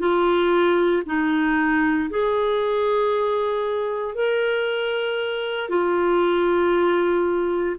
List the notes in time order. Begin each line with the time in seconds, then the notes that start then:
0.00 F4
1.06 D#4
2.10 G#4
4.15 A#4
5.69 F4